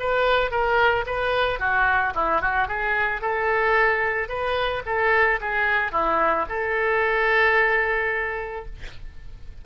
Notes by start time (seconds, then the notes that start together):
0.00 B4
0.51 A#4
1.06 B4
1.60 F#4
2.15 E4
2.42 F#4
2.68 G#4
3.21 A4
4.29 B4
4.86 A4
5.41 G#4
5.92 E4
6.49 A4